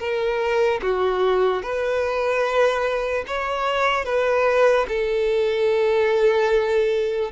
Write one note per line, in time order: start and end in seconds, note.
0.00 0.81 A#4
0.83 1.63 F#4
1.63 3.25 B4
3.28 4.06 C#5
4.06 4.87 B4
4.89 7.32 A4